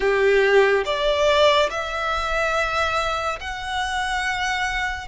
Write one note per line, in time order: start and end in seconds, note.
0.00 0.83 G4
0.85 1.69 D5
1.70 3.39 E5
3.40 5.07 F#5